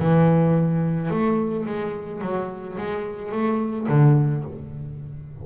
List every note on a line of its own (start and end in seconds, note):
0.00 1.11 E3
1.11 1.66 A3
1.67 2.22 G#3
2.22 2.77 F#3
2.78 3.32 G#3
3.32 3.88 A3
3.89 4.44 D3